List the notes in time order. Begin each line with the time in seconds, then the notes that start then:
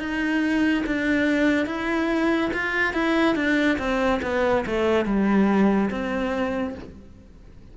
0.00 D#4
0.87 D4
1.67 E4
2.54 F4
2.94 E4
3.36 D4
3.79 C4
4.23 B3
4.67 A3
5.06 G3
5.90 C4